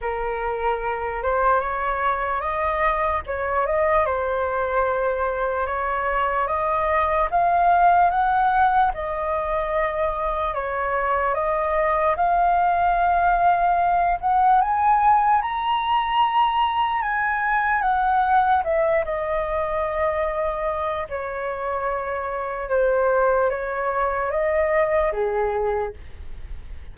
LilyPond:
\new Staff \with { instrumentName = "flute" } { \time 4/4 \tempo 4 = 74 ais'4. c''8 cis''4 dis''4 | cis''8 dis''8 c''2 cis''4 | dis''4 f''4 fis''4 dis''4~ | dis''4 cis''4 dis''4 f''4~ |
f''4. fis''8 gis''4 ais''4~ | ais''4 gis''4 fis''4 e''8 dis''8~ | dis''2 cis''2 | c''4 cis''4 dis''4 gis'4 | }